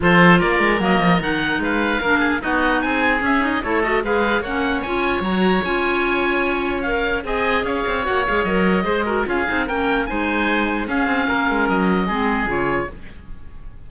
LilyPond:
<<
  \new Staff \with { instrumentName = "oboe" } { \time 4/4 \tempo 4 = 149 c''4 d''4 dis''4 fis''4 | f''2 dis''4 gis''4 | e''8 dis''8 cis''8 dis''8 f''4 fis''4 | gis''4 ais''4 gis''2~ |
gis''4 f''4 gis''4 f''4 | fis''8 f''8 dis''2 f''4 | g''4 gis''2 f''4~ | f''4 dis''2 cis''4 | }
  \new Staff \with { instrumentName = "oboe" } { \time 4/4 a'4 ais'2. | b'4 ais'8 gis'8 fis'4 gis'4~ | gis'4 a'4 b'4 cis''4~ | cis''1~ |
cis''2 dis''4 cis''4~ | cis''2 c''8 ais'8 gis'4 | ais'4 c''2 gis'4 | ais'2 gis'2 | }
  \new Staff \with { instrumentName = "clarinet" } { \time 4/4 f'2 ais4 dis'4~ | dis'4 d'4 dis'2 | cis'8 dis'8 e'8 fis'8 gis'4 cis'4 | f'4 fis'4 f'2~ |
f'4 ais'4 gis'2 | fis'8 gis'8 ais'4 gis'8 fis'8 f'8 dis'8 | cis'4 dis'2 cis'4~ | cis'2 c'4 f'4 | }
  \new Staff \with { instrumentName = "cello" } { \time 4/4 f4 ais8 gis8 fis8 f8 dis4 | gis4 ais4 b4 c'4 | cis'4 a4 gis4 ais4 | cis'4 fis4 cis'2~ |
cis'2 c'4 cis'8 c'8 | ais8 gis8 fis4 gis4 cis'8 c'8 | ais4 gis2 cis'8 c'8 | ais8 gis8 fis4 gis4 cis4 | }
>>